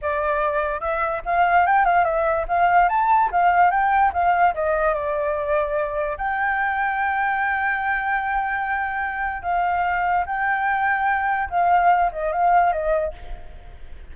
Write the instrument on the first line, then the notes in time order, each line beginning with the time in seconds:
flute
0.01 D5
0.80 E5
1.25 F5
1.66 G5
1.85 F5
2.04 E5
2.48 F5
2.88 A5
3.31 F5
3.70 G5
4.13 F5
4.54 D#5
4.94 D5
6.17 G5
9.42 F5
10.26 G5
11.49 F5
12.12 D#5
12.32 F5
12.72 D#5